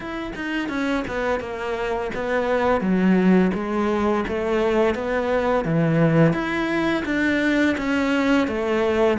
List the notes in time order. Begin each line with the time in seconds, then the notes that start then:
0.00 E4
0.35 D#4
0.68 C#4
1.07 B3
1.40 A#3
2.14 B3
2.80 F#3
3.54 G#3
4.27 A3
4.94 B3
5.64 E3
6.33 E4
7.05 D4
7.77 C#4
8.47 A3